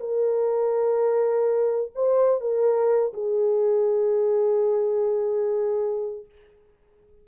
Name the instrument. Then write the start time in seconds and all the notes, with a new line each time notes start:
horn
0.00 A#4
1.95 C5
2.41 A#4
3.14 G#4